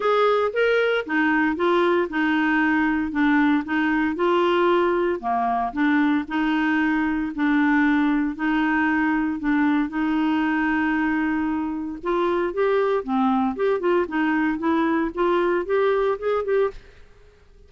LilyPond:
\new Staff \with { instrumentName = "clarinet" } { \time 4/4 \tempo 4 = 115 gis'4 ais'4 dis'4 f'4 | dis'2 d'4 dis'4 | f'2 ais4 d'4 | dis'2 d'2 |
dis'2 d'4 dis'4~ | dis'2. f'4 | g'4 c'4 g'8 f'8 dis'4 | e'4 f'4 g'4 gis'8 g'8 | }